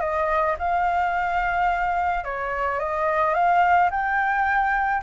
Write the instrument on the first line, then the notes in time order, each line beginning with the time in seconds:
flute
0.00 D#5
0.58 F5
2.24 C#5
2.79 D#5
3.34 F5
3.90 G5